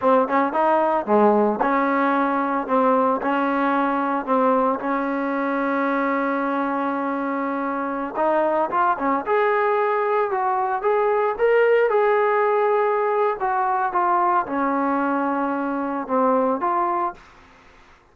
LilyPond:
\new Staff \with { instrumentName = "trombone" } { \time 4/4 \tempo 4 = 112 c'8 cis'8 dis'4 gis4 cis'4~ | cis'4 c'4 cis'2 | c'4 cis'2.~ | cis'2.~ cis'16 dis'8.~ |
dis'16 f'8 cis'8 gis'2 fis'8.~ | fis'16 gis'4 ais'4 gis'4.~ gis'16~ | gis'4 fis'4 f'4 cis'4~ | cis'2 c'4 f'4 | }